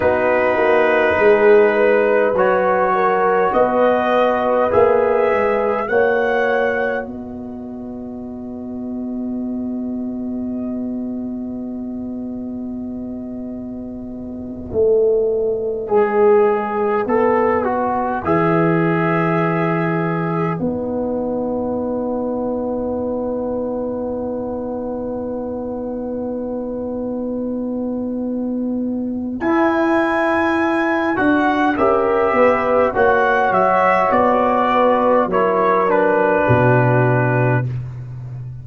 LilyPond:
<<
  \new Staff \with { instrumentName = "trumpet" } { \time 4/4 \tempo 4 = 51 b'2 cis''4 dis''4 | e''4 fis''4 dis''2~ | dis''1~ | dis''2.~ dis''8 e''8~ |
e''4. fis''2~ fis''8~ | fis''1~ | fis''4 gis''4. fis''8 e''4 | fis''8 e''8 d''4 cis''8 b'4. | }
  \new Staff \with { instrumentName = "horn" } { \time 4/4 fis'4 gis'8 b'4 ais'8 b'4~ | b'4 cis''4 b'2~ | b'1~ | b'1~ |
b'1~ | b'1~ | b'2. ais'8 b'8 | cis''4. b'8 ais'4 fis'4 | }
  \new Staff \with { instrumentName = "trombone" } { \time 4/4 dis'2 fis'2 | gis'4 fis'2.~ | fis'1~ | fis'4. gis'4 a'8 fis'8 gis'8~ |
gis'4. dis'2~ dis'8~ | dis'1~ | dis'4 e'4. fis'8 g'4 | fis'2 e'8 d'4. | }
  \new Staff \with { instrumentName = "tuba" } { \time 4/4 b8 ais8 gis4 fis4 b4 | ais8 gis8 ais4 b2~ | b1~ | b8 a4 gis4 b4 e8~ |
e4. b2~ b8~ | b1~ | b4 e'4. d'8 cis'8 b8 | ais8 fis8 b4 fis4 b,4 | }
>>